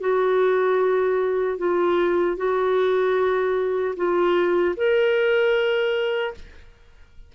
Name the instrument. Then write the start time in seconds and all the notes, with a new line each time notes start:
clarinet
0.00 F#4
1.58 F4
2.37 F#4
3.96 F4
4.76 A#4